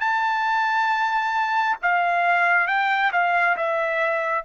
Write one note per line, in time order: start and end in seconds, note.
0.00 1.76 A5
1.82 2.67 F5
2.67 3.11 G5
3.12 3.56 F5
3.56 4.44 E5